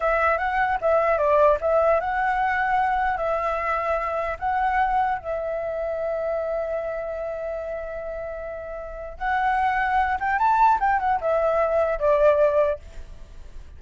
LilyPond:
\new Staff \with { instrumentName = "flute" } { \time 4/4 \tempo 4 = 150 e''4 fis''4 e''4 d''4 | e''4 fis''2. | e''2. fis''4~ | fis''4 e''2.~ |
e''1~ | e''2. fis''4~ | fis''4. g''8 a''4 g''8 fis''8 | e''2 d''2 | }